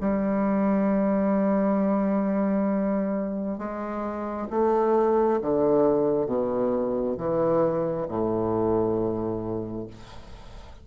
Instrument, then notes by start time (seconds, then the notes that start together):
bassoon
0.00 G3
3.58 G#3
4.50 A3
5.41 D3
6.26 B2
7.17 E3
8.08 A2